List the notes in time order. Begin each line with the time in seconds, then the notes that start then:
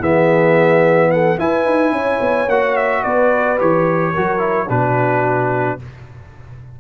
0.00 E3 B3 G#4 E5
1.11 A4 F#5
1.38 E4 B4 G#5
1.66 D#4
1.92 C#4 C#5
2.21 B3
2.48 A#3 F#4 F#5
2.77 E5
3.04 B3 B4 D5
3.59 E3 G4 C#5
4.14 F#3 F#4 A#4
4.39 E4
4.69 B2 D4 F#4 B4